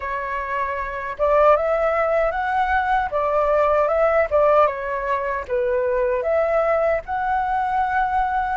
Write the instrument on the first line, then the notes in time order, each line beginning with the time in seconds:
flute
0.00 C#5
1.18 D5
1.56 E5
2.31 F#5
3.10 D5
3.87 E5
4.30 D5
4.66 C#5
5.48 B4
6.22 E5
7.05 F#5